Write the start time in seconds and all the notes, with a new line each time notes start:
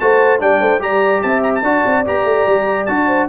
0.00 A3 F#4 C5 A5
0.39 G3 D4 D5 G5
0.61 A3 C5
0.80 G3 G4 D5 A#5
1.23 C4 E5 A5
1.44 A#5
1.55 A5
1.63 D4 F#4 D5
1.86 C4
2.06 B3 G4 A#5
2.25 A3
2.47 G3
2.86 D4 F#4 A5
3.07 C5